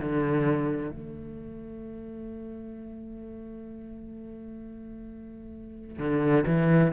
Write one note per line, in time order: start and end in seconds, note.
0.00 0.91 D3
0.91 5.99 A3
5.99 6.45 D3
6.47 6.93 E3